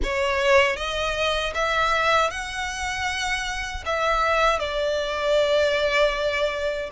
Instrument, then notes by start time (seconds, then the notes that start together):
violin
0.03 C#5
0.76 D#5
1.54 E5
2.30 F#5
3.85 E5
4.59 D5